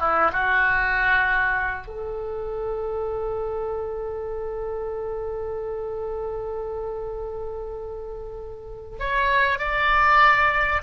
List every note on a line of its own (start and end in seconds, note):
0.00 0.31 E4
0.33 1.87 F#4
1.87 8.98 A4
9.00 9.58 C#5
9.58 10.82 D5